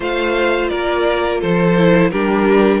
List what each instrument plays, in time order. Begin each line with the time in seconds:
0.00 cello A3, viola F4, violin C5 F5
0.68 cello A#3, violin A#4 D5
1.40 cello F3, violin A4 C5
1.77 viola E4
2.10 cello G3, viola D4, violin G4 A#4